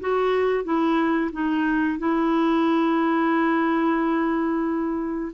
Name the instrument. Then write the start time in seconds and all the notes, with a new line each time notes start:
clarinet
0.00 F#4
0.64 E4
1.32 D#4
1.98 E4